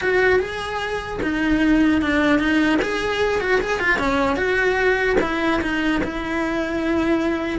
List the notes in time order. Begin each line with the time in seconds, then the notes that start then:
0.01 F#4
0.39 G#4
1.22 D#4
2.01 D4
2.39 D#4
2.82 G#4
3.40 F#4
3.61 G#4
3.79 F4
3.99 C#4
4.36 F#4
5.21 E4
5.61 D#4
6.03 E4